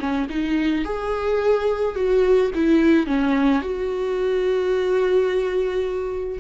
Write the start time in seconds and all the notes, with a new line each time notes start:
0.00 C#4
0.30 D#4
0.85 G#4
1.96 F#4
2.55 E4
3.07 C#4
3.62 F#4